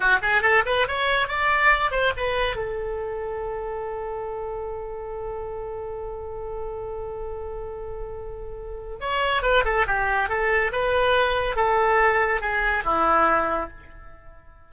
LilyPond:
\new Staff \with { instrumentName = "oboe" } { \time 4/4 \tempo 4 = 140 fis'8 gis'8 a'8 b'8 cis''4 d''4~ | d''8 c''8 b'4 a'2~ | a'1~ | a'1~ |
a'1~ | a'4 cis''4 b'8 a'8 g'4 | a'4 b'2 a'4~ | a'4 gis'4 e'2 | }